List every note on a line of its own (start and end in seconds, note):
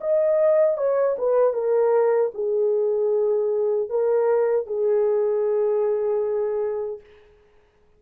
0.00 0.77 D#5
0.77 1.16 C#5
1.18 1.53 B4
1.53 2.31 A#4
2.34 3.89 G#4
3.89 4.66 A#4
4.66 7.00 G#4